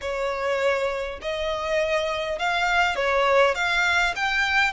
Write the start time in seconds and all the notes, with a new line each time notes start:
0.01 C#5
1.21 D#5
2.38 F5
2.95 C#5
3.55 F5
4.15 G5